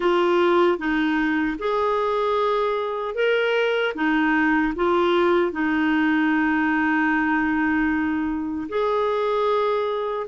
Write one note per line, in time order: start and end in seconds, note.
0.00 0.78 F4
0.78 1.57 D#4
1.58 3.14 G#4
3.14 3.93 A#4
3.94 4.73 D#4
4.75 5.52 F4
5.52 8.67 D#4
8.68 10.26 G#4